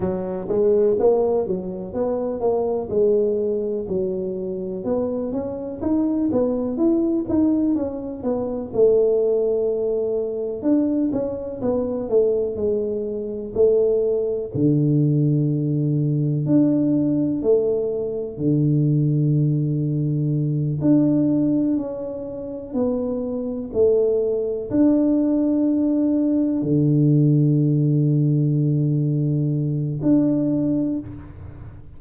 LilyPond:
\new Staff \with { instrumentName = "tuba" } { \time 4/4 \tempo 4 = 62 fis8 gis8 ais8 fis8 b8 ais8 gis4 | fis4 b8 cis'8 dis'8 b8 e'8 dis'8 | cis'8 b8 a2 d'8 cis'8 | b8 a8 gis4 a4 d4~ |
d4 d'4 a4 d4~ | d4. d'4 cis'4 b8~ | b8 a4 d'2 d8~ | d2. d'4 | }